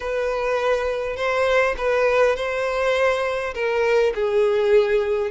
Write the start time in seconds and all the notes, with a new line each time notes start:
0.00 B4
1.16 C5
1.77 B4
2.36 C5
3.54 A#4
4.15 G#4